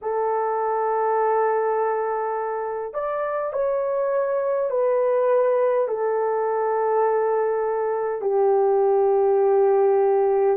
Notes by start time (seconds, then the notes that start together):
0.01 A4
2.94 D5
3.52 C#5
4.70 B4
5.88 A4
8.21 G4